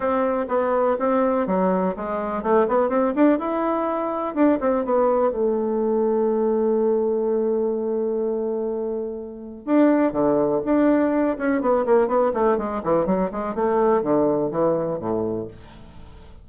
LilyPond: \new Staff \with { instrumentName = "bassoon" } { \time 4/4 \tempo 4 = 124 c'4 b4 c'4 fis4 | gis4 a8 b8 c'8 d'8 e'4~ | e'4 d'8 c'8 b4 a4~ | a1~ |
a1 | d'4 d4 d'4. cis'8 | b8 ais8 b8 a8 gis8 e8 fis8 gis8 | a4 d4 e4 a,4 | }